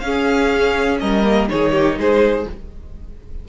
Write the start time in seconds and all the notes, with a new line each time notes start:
0.00 C#4 G#4 F5
1.00 G3 A#4 D#5
1.24 A#3
1.49 D#3 D#4 G#4 C#5
1.72 G4
1.98 G#3 G#4 C5